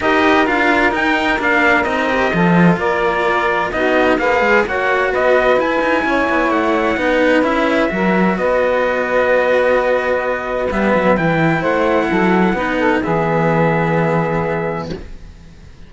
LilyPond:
<<
  \new Staff \with { instrumentName = "trumpet" } { \time 4/4 \tempo 4 = 129 dis''4 f''4 g''4 f''4 | dis''2 d''2 | dis''4 f''4 fis''4 dis''4 | gis''2 fis''2 |
e''2 dis''2~ | dis''2. e''4 | g''4 fis''2. | e''1 | }
  \new Staff \with { instrumentName = "saxophone" } { \time 4/4 ais'1~ | ais'4 a'4 ais'2 | fis'4 b'4 cis''4 b'4~ | b'4 cis''2 b'4~ |
b'4 ais'4 b'2~ | b'1~ | b'4 c''4 a'4 b'8 a'8 | gis'1 | }
  \new Staff \with { instrumentName = "cello" } { \time 4/4 g'4 f'4 dis'4 d'4 | dis'8 g'8 f'2. | dis'4 gis'4 fis'2 | e'2. dis'4 |
e'4 fis'2.~ | fis'2. b4 | e'2. dis'4 | b1 | }
  \new Staff \with { instrumentName = "cello" } { \time 4/4 dis'4 d'4 dis'4 ais4 | c'4 f4 ais2 | b4 ais8 gis8 ais4 b4 | e'8 dis'8 cis'8 b8 a4 b4 |
cis'4 fis4 b2~ | b2. g8 fis8 | e4 a4 fis4 b4 | e1 | }
>>